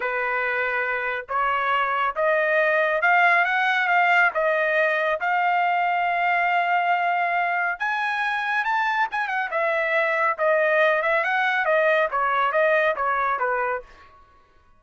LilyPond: \new Staff \with { instrumentName = "trumpet" } { \time 4/4 \tempo 4 = 139 b'2. cis''4~ | cis''4 dis''2 f''4 | fis''4 f''4 dis''2 | f''1~ |
f''2 gis''2 | a''4 gis''8 fis''8 e''2 | dis''4. e''8 fis''4 dis''4 | cis''4 dis''4 cis''4 b'4 | }